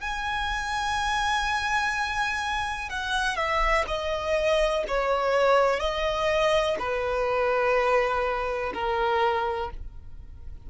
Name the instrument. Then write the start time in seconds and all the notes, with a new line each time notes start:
violin
0.00 G#5
2.89 F#5
3.36 E5
3.87 D#5
4.87 C#5
5.79 D#5
6.78 B4
8.73 A#4